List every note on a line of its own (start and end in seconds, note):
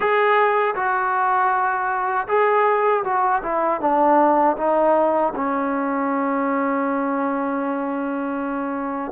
0.00 0.74 G#4
0.75 2.27 F#4
2.28 3.03 G#4
3.03 3.41 F#4
3.42 3.80 E4
3.80 4.56 D4
4.57 5.33 D#4
5.35 9.11 C#4